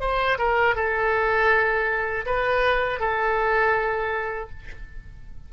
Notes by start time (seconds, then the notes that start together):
0.00 C5
0.38 A#4
0.75 A4
2.26 B4
3.00 A4